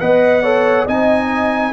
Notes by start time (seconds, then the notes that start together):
0.00 B3 B4 D#5 F#5
0.43 A4 C#5
0.86 C4 D#4 D#5 G#5